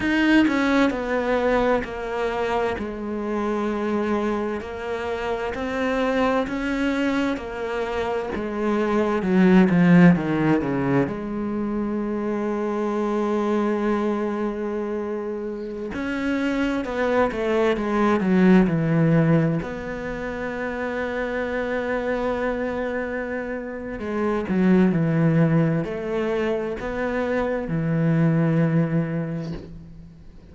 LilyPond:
\new Staff \with { instrumentName = "cello" } { \time 4/4 \tempo 4 = 65 dis'8 cis'8 b4 ais4 gis4~ | gis4 ais4 c'4 cis'4 | ais4 gis4 fis8 f8 dis8 cis8 | gis1~ |
gis4~ gis16 cis'4 b8 a8 gis8 fis16~ | fis16 e4 b2~ b8.~ | b2 gis8 fis8 e4 | a4 b4 e2 | }